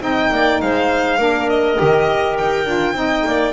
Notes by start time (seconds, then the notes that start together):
0.00 C4 D#4 D#5 G5
0.31 A#3 D5
0.61 G#3 C5 F5
1.18 A#3 D4 A#4
1.49 D#5
1.77 D#3 G4
2.38 D#4 G5
2.65 D4 F4
2.93 C4 D#4 D#5
3.26 A#3 D5